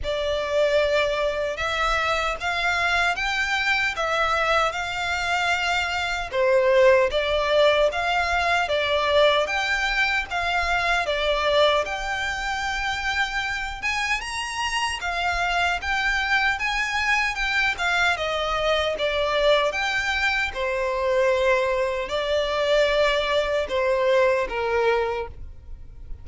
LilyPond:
\new Staff \with { instrumentName = "violin" } { \time 4/4 \tempo 4 = 76 d''2 e''4 f''4 | g''4 e''4 f''2 | c''4 d''4 f''4 d''4 | g''4 f''4 d''4 g''4~ |
g''4. gis''8 ais''4 f''4 | g''4 gis''4 g''8 f''8 dis''4 | d''4 g''4 c''2 | d''2 c''4 ais'4 | }